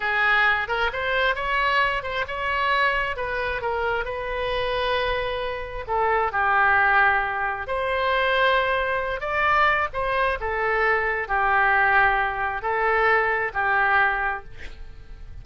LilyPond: \new Staff \with { instrumentName = "oboe" } { \time 4/4 \tempo 4 = 133 gis'4. ais'8 c''4 cis''4~ | cis''8 c''8 cis''2 b'4 | ais'4 b'2.~ | b'4 a'4 g'2~ |
g'4 c''2.~ | c''8 d''4. c''4 a'4~ | a'4 g'2. | a'2 g'2 | }